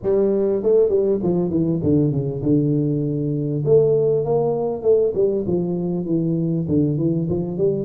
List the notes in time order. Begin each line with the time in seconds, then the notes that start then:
0.02 G3
0.62 A3
0.89 G3
1.23 F3
1.50 E3
1.83 D3
2.11 C#3
2.42 D3
3.65 A3
4.24 A#3
4.82 A3
5.14 G3
5.47 F3
6.05 E3
6.68 D3
6.97 E3
7.29 F3
7.57 G3